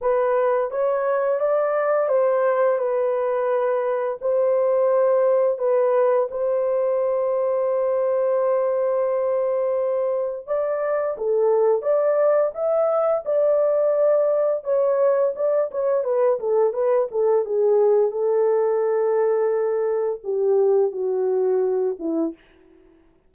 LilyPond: \new Staff \with { instrumentName = "horn" } { \time 4/4 \tempo 4 = 86 b'4 cis''4 d''4 c''4 | b'2 c''2 | b'4 c''2.~ | c''2. d''4 |
a'4 d''4 e''4 d''4~ | d''4 cis''4 d''8 cis''8 b'8 a'8 | b'8 a'8 gis'4 a'2~ | a'4 g'4 fis'4. e'8 | }